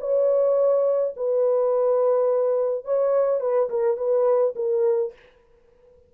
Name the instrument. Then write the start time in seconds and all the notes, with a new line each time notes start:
horn
0.00 C#5
1.16 B4
2.85 C#5
3.40 B4
3.70 A#4
3.97 B4
4.55 A#4